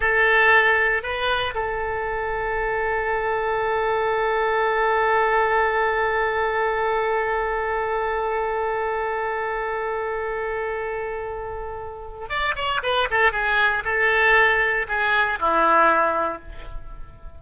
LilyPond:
\new Staff \with { instrumentName = "oboe" } { \time 4/4 \tempo 4 = 117 a'2 b'4 a'4~ | a'1~ | a'1~ | a'1~ |
a'1~ | a'1 | d''8 cis''8 b'8 a'8 gis'4 a'4~ | a'4 gis'4 e'2 | }